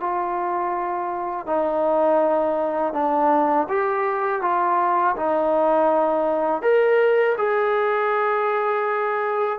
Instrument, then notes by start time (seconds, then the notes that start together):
trombone
0.00 F4
1.46 D#4
2.93 D4
3.69 G4
4.42 F4
5.16 D#4
6.62 A#4
7.38 G#4